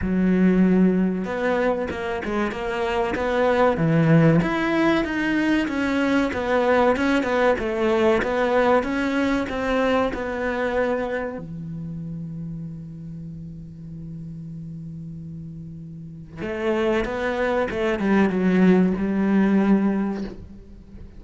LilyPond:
\new Staff \with { instrumentName = "cello" } { \time 4/4 \tempo 4 = 95 fis2 b4 ais8 gis8 | ais4 b4 e4 e'4 | dis'4 cis'4 b4 cis'8 b8 | a4 b4 cis'4 c'4 |
b2 e2~ | e1~ | e2 a4 b4 | a8 g8 fis4 g2 | }